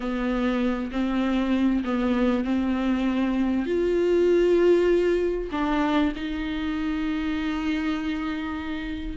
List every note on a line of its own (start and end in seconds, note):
0.00 0.90 B3
0.91 1.83 C4
1.84 2.44 B3
2.44 3.66 C4
3.66 5.49 F4
5.51 6.12 D4
6.15 9.17 D#4